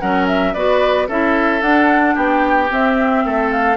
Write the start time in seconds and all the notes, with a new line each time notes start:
0.00 F#3 C#4 A#4 F#5
0.27 E5
0.54 B3 F#4 B4 D5
1.08 C#4 E4 A4 E5
1.62 D4 F#5
2.15 B3 G4 G5
2.69 C4 E5
3.25 A3 A4
3.51 F5